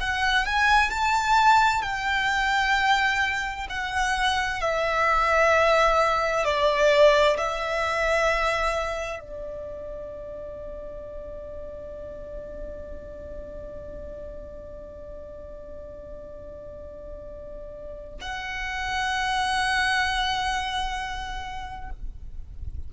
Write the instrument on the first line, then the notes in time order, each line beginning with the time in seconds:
violin
0.00 F#5
0.46 G#5
0.90 A5
1.82 G5
3.69 F#5
4.61 E5
6.44 D5
7.37 E5
9.20 D5
18.21 F#5